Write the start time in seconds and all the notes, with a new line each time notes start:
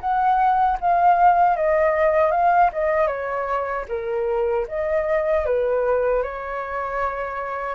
0.00 F#5
0.80 F5
1.56 D#5
2.31 F5
2.72 D#5
3.07 C#5
3.88 A#4
4.68 D#5
5.45 B4
6.23 C#5